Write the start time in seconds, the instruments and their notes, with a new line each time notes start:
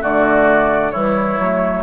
0.00 bassoon D3, clarinet A3, oboe F#4, flute D5
0.91 bassoon E3, clarinet G3, oboe E4, flute C#5
1.39 bassoon F#3, clarinet A3